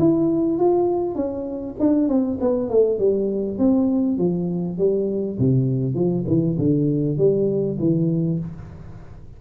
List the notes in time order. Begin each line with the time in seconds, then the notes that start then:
0.00 E4
0.59 F4
1.16 C#4
1.80 D4
2.09 C4
2.41 B3
2.70 A3
2.99 G3
3.59 C4
4.19 F3
4.79 G3
5.39 C3
5.95 F3
6.28 E3
6.59 D3
7.18 G3
7.79 E3